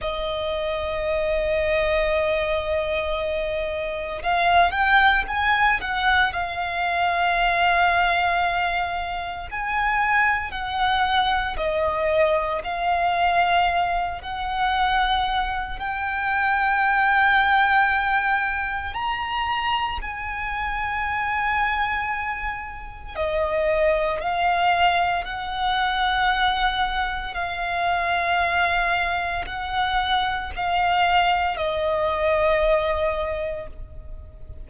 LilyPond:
\new Staff \with { instrumentName = "violin" } { \time 4/4 \tempo 4 = 57 dis''1 | f''8 g''8 gis''8 fis''8 f''2~ | f''4 gis''4 fis''4 dis''4 | f''4. fis''4. g''4~ |
g''2 ais''4 gis''4~ | gis''2 dis''4 f''4 | fis''2 f''2 | fis''4 f''4 dis''2 | }